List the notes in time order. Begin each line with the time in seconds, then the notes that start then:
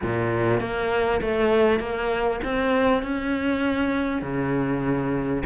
0.02 A#2
0.60 A#3
1.21 A3
1.79 A#3
2.44 C4
3.02 C#4
4.21 C#3